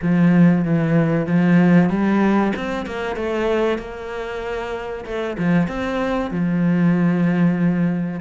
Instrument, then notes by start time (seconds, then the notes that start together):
cello
0.01 F3
0.65 E3
1.26 F3
1.89 G3
2.56 C4
2.86 A#3
3.16 A3
3.78 A#3
5.05 A3
5.38 F3
5.67 C4
6.30 F3